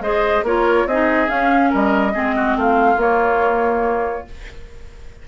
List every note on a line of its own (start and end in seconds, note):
0.00 0.42 G#3
0.00 0.45 G#4
0.00 0.45 C5
0.00 0.44 D#5
0.43 0.85 A#3
0.43 0.89 F4
0.43 0.87 A#4
0.43 0.88 C#5
0.86 1.28 C4
0.86 1.28 D#4
0.86 1.70 G#4
0.86 1.30 D#5
1.28 2.12 C#4
1.28 1.73 C#4
1.28 1.72 F5
1.70 2.15 G3
1.70 2.12 A#4
1.70 2.59 D#5
2.14 2.56 G#3
2.14 2.98 C4
2.14 2.35 G#4
2.36 2.57 F#4
2.56 2.97 A3
2.56 4.28 F4
2.56 3.01 F5
2.97 4.24 A#3
2.97 4.26 A#3
2.97 4.28 C#5